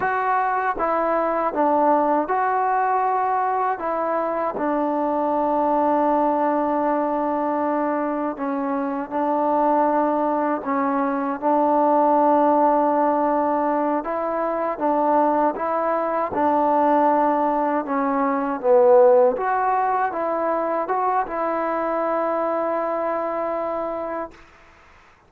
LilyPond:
\new Staff \with { instrumentName = "trombone" } { \time 4/4 \tempo 4 = 79 fis'4 e'4 d'4 fis'4~ | fis'4 e'4 d'2~ | d'2. cis'4 | d'2 cis'4 d'4~ |
d'2~ d'8 e'4 d'8~ | d'8 e'4 d'2 cis'8~ | cis'8 b4 fis'4 e'4 fis'8 | e'1 | }